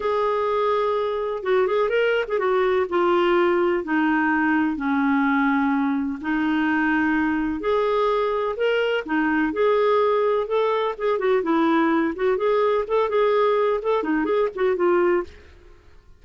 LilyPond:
\new Staff \with { instrumentName = "clarinet" } { \time 4/4 \tempo 4 = 126 gis'2. fis'8 gis'8 | ais'8. gis'16 fis'4 f'2 | dis'2 cis'2~ | cis'4 dis'2. |
gis'2 ais'4 dis'4 | gis'2 a'4 gis'8 fis'8 | e'4. fis'8 gis'4 a'8 gis'8~ | gis'4 a'8 dis'8 gis'8 fis'8 f'4 | }